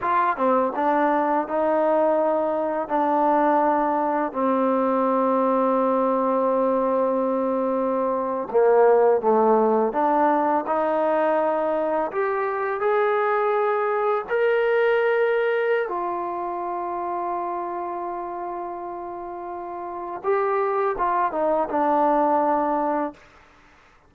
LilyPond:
\new Staff \with { instrumentName = "trombone" } { \time 4/4 \tempo 4 = 83 f'8 c'8 d'4 dis'2 | d'2 c'2~ | c'2.~ c'8. ais16~ | ais8. a4 d'4 dis'4~ dis'16~ |
dis'8. g'4 gis'2 ais'16~ | ais'2 f'2~ | f'1 | g'4 f'8 dis'8 d'2 | }